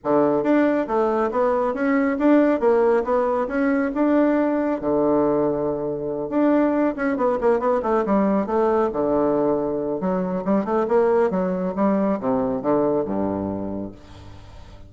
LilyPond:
\new Staff \with { instrumentName = "bassoon" } { \time 4/4 \tempo 4 = 138 d4 d'4 a4 b4 | cis'4 d'4 ais4 b4 | cis'4 d'2 d4~ | d2~ d8 d'4. |
cis'8 b8 ais8 b8 a8 g4 a8~ | a8 d2~ d8 fis4 | g8 a8 ais4 fis4 g4 | c4 d4 g,2 | }